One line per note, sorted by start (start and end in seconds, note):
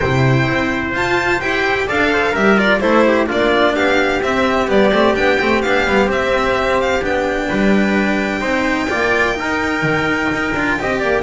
0.00 0.48 C3
0.00 0.96 E4
0.00 1.86 C5
0.00 0.91 G5
0.48 0.93 C4
0.93 1.40 F4
0.93 1.41 F4
0.93 1.40 A5
1.40 1.88 E4
1.40 1.87 G4
1.40 1.87 G5
1.87 2.35 D4
1.87 2.34 A4
1.87 2.10 D5
1.87 2.35 F5
2.12 2.32 C5
2.32 2.81 G3
2.32 2.57 G4
2.32 2.78 A#4
2.32 2.58 E5
2.57 2.80 F4
2.57 2.79 D5
2.79 3.29 A3
2.79 3.26 E4
2.79 3.05 A4
2.79 3.26 C5
3.07 3.27 G4
3.26 3.75 A#3
3.26 4.20 D4
3.26 3.74 F4
3.26 3.75 D5
3.75 4.21 B3
3.75 7.49 G4
3.75 4.21 F5
4.22 4.67 C4
4.22 4.68 C4
4.22 4.69 E5
4.67 4.92 G3
4.67 4.91 B3
4.67 5.15 D5
4.93 5.16 A3
4.93 5.14 C4
5.14 5.40 B3
5.14 5.38 D4
5.14 5.61 G5
5.40 5.63 A3
5.40 5.63 C4
5.61 5.86 B3
5.61 5.87 D4
5.61 6.08 F5
5.87 6.08 G3
5.87 6.07 B3
6.07 7.00 C4
6.07 7.02 C4
6.07 6.80 E5
6.80 7.04 F5
7.02 7.49 B3
7.02 8.40 D4
7.02 11.22 G5
7.49 8.41 G3
7.49 8.40 B4
8.40 8.88 C4
8.40 8.87 D#4
8.40 8.86 C5
8.89 9.40 A#3
8.89 9.34 F4
8.89 9.36 D5
9.34 10.51 D#4
9.34 10.79 A#4
9.41 9.82 D#4
9.82 10.29 D#3
10.32 10.54 D#4
10.54 10.77 D4
10.54 10.79 F4
10.79 11.02 C4
10.79 11.22 G4
10.79 10.98 D#5
10.98 11.22 A#3
10.98 11.22 D5